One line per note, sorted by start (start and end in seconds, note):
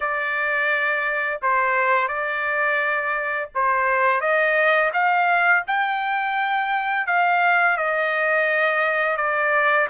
0.00 1.40 D5
1.42 2.08 C5
2.08 3.49 D5
3.55 4.20 C5
4.20 4.91 D#5
4.93 5.63 F5
5.67 7.07 G5
7.07 7.76 F5
7.76 9.16 D#5
9.16 9.87 D5